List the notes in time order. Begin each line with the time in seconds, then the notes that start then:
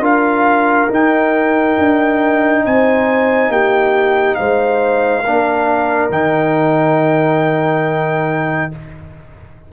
0.00 D4 F4 A#4 F5
0.89 D#4 G5
1.79 D4
2.65 C4 C5 G#5
3.49 A#3 G4 G5
4.35 G#3 C5 F5
5.24 A#3 D4 A#4
6.10 D#3 D#4 G5